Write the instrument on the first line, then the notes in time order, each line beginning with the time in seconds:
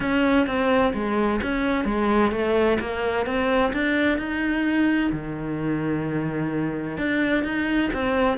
cello
0.00 C#4
0.47 C4
0.94 G#3
1.42 C#4
1.85 G#3
2.31 A3
2.80 A#3
3.26 C4
3.73 D4
4.18 D#4
5.12 D#3
6.97 D4
7.44 D#4
7.93 C4